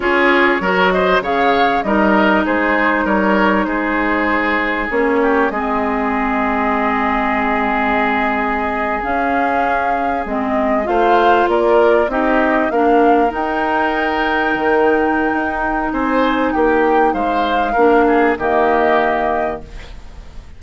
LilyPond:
<<
  \new Staff \with { instrumentName = "flute" } { \time 4/4 \tempo 4 = 98 cis''4. dis''8 f''4 dis''4 | c''4 cis''4 c''2 | cis''4 dis''2.~ | dis''2~ dis''8. f''4~ f''16~ |
f''8. dis''4 f''4 d''4 dis''16~ | dis''8. f''4 g''2~ g''16~ | g''2 gis''4 g''4 | f''2 dis''2 | }
  \new Staff \with { instrumentName = "oboe" } { \time 4/4 gis'4 ais'8 c''8 cis''4 ais'4 | gis'4 ais'4 gis'2~ | gis'8 g'8 gis'2.~ | gis'1~ |
gis'4.~ gis'16 c''4 ais'4 g'16~ | g'8. ais'2.~ ais'16~ | ais'2 c''4 g'4 | c''4 ais'8 gis'8 g'2 | }
  \new Staff \with { instrumentName = "clarinet" } { \time 4/4 f'4 fis'4 gis'4 dis'4~ | dis'1 | cis'4 c'2.~ | c'2~ c'8. cis'4~ cis'16~ |
cis'8. c'4 f'2 dis'16~ | dis'8. d'4 dis'2~ dis'16~ | dis'1~ | dis'4 d'4 ais2 | }
  \new Staff \with { instrumentName = "bassoon" } { \time 4/4 cis'4 fis4 cis4 g4 | gis4 g4 gis2 | ais4 gis2.~ | gis2~ gis8. cis'4~ cis'16~ |
cis'8. gis4 a4 ais4 c'16~ | c'8. ais4 dis'2 dis16~ | dis4 dis'4 c'4 ais4 | gis4 ais4 dis2 | }
>>